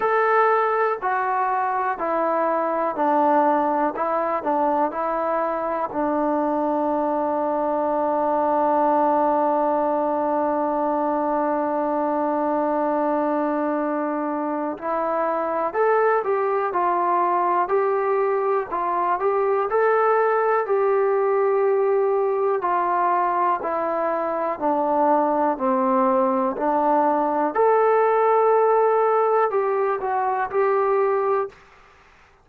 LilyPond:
\new Staff \with { instrumentName = "trombone" } { \time 4/4 \tempo 4 = 61 a'4 fis'4 e'4 d'4 | e'8 d'8 e'4 d'2~ | d'1~ | d'2. e'4 |
a'8 g'8 f'4 g'4 f'8 g'8 | a'4 g'2 f'4 | e'4 d'4 c'4 d'4 | a'2 g'8 fis'8 g'4 | }